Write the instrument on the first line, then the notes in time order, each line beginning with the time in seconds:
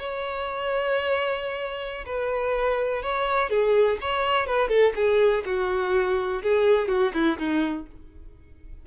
violin
0.00 C#5
2.06 B4
3.03 C#5
3.51 G#4
4.01 C#5
4.47 B4
4.69 A4
4.96 G#4
5.46 F#4
6.43 G#4
6.89 F#4
7.14 E4
7.39 D#4